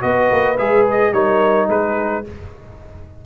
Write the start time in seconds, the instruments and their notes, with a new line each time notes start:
0.00 tuba B3, trombone F#4, horn B4, trumpet D#5
0.32 tuba A#3
0.58 tuba G#3, trombone G#4, trumpet E5
0.91 trumpet D#5
1.12 tuba G3, trombone D#4, horn A#4, trumpet C#5
1.69 tuba G#3, horn G#4, trumpet B4